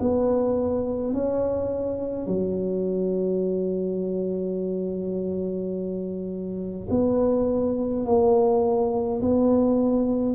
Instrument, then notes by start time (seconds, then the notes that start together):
tuba
0.00 B3
1.14 C#4
2.27 F#3
6.90 B3
8.06 A#3
9.22 B3